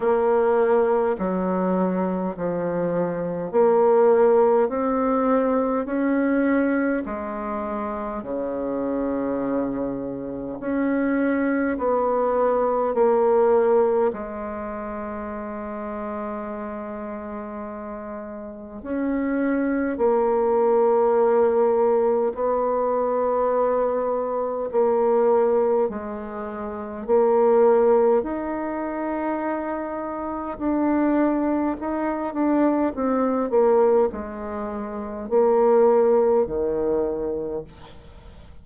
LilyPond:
\new Staff \with { instrumentName = "bassoon" } { \time 4/4 \tempo 4 = 51 ais4 fis4 f4 ais4 | c'4 cis'4 gis4 cis4~ | cis4 cis'4 b4 ais4 | gis1 |
cis'4 ais2 b4~ | b4 ais4 gis4 ais4 | dis'2 d'4 dis'8 d'8 | c'8 ais8 gis4 ais4 dis4 | }